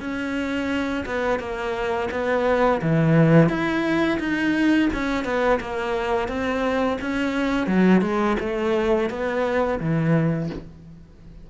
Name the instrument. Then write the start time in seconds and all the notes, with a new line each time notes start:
cello
0.00 C#4
1.06 B3
1.39 A#3
2.11 B3
2.82 E3
3.49 E4
4.19 D#4
4.93 C#4
5.25 B3
5.60 A#3
6.28 C4
7.01 C#4
7.67 F#3
8.01 G#3
8.40 A3
9.10 B3
9.80 E3